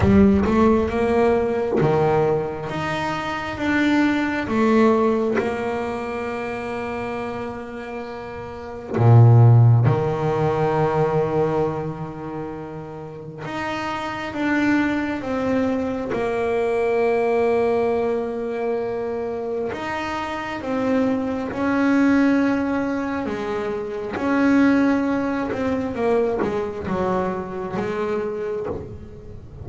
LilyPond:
\new Staff \with { instrumentName = "double bass" } { \time 4/4 \tempo 4 = 67 g8 a8 ais4 dis4 dis'4 | d'4 a4 ais2~ | ais2 ais,4 dis4~ | dis2. dis'4 |
d'4 c'4 ais2~ | ais2 dis'4 c'4 | cis'2 gis4 cis'4~ | cis'8 c'8 ais8 gis8 fis4 gis4 | }